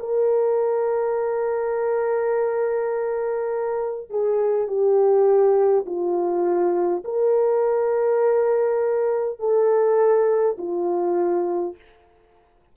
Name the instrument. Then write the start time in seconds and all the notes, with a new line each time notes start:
horn
0.00 A#4
4.10 G#4
4.68 G4
5.87 F4
7.05 A#4
9.40 A4
10.58 F4